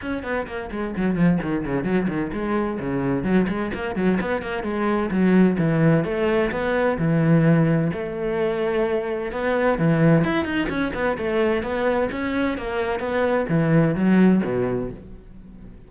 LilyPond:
\new Staff \with { instrumentName = "cello" } { \time 4/4 \tempo 4 = 129 cis'8 b8 ais8 gis8 fis8 f8 dis8 cis8 | fis8 dis8 gis4 cis4 fis8 gis8 | ais8 fis8 b8 ais8 gis4 fis4 | e4 a4 b4 e4~ |
e4 a2. | b4 e4 e'8 dis'8 cis'8 b8 | a4 b4 cis'4 ais4 | b4 e4 fis4 b,4 | }